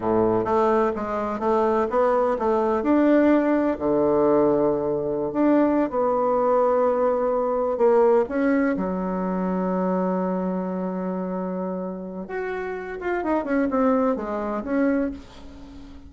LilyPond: \new Staff \with { instrumentName = "bassoon" } { \time 4/4 \tempo 4 = 127 a,4 a4 gis4 a4 | b4 a4 d'2 | d2.~ d16 d'8.~ | d'8 b2.~ b8~ |
b8 ais4 cis'4 fis4.~ | fis1~ | fis2 fis'4. f'8 | dis'8 cis'8 c'4 gis4 cis'4 | }